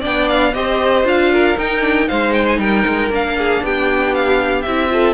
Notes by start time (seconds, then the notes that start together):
0.00 B3 D4 D5 G5
0.29 F5
0.54 C4 G4 C5 D#5
1.04 D4 F4 F5
1.32 A#4
1.57 D#4 G5
1.80 D4
2.08 G#3 D#4 C5 F5
2.33 G5
2.48 G#5
2.58 G3 A#4 G5
2.86 G#3
3.09 A#3 D4 F5
3.38 G#4
3.62 B3 G4 G5
4.14 F5
4.62 C4 E4 E5
4.89 F4 A4